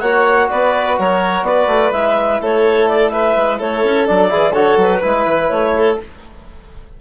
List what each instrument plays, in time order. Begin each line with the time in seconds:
0.00 bassoon A#3, trombone F#4, violin C#5, clarinet F#5
0.49 bassoon B3, violin B4, clarinet D5
0.99 bassoon F#3, violin A#4, clarinet C#5
1.42 bassoon B3, violin B4, clarinet D5
1.67 bassoon A3
1.92 bassoon G#3, trombone E4, clarinet E5
2.41 bassoon A3, violin A4, clarinet C#5
2.89 clarinet D5
3.09 violin B4, clarinet E5
3.37 bassoon G#3
3.59 bassoon A3, violin A4, clarinet C#5
3.84 bassoon C#4
4.07 bassoon F#3, trombone D4, clarinet D5
4.29 bassoon E3, trombone E4, violin G#4
4.52 bassoon D3, trombone F#4, violin A4, clarinet C#5
4.77 bassoon F#3, clarinet B4
4.99 bassoon G#3, trombone E4, violin B4
5.25 bassoon E3
5.49 bassoon A3, clarinet C#5
5.77 violin A4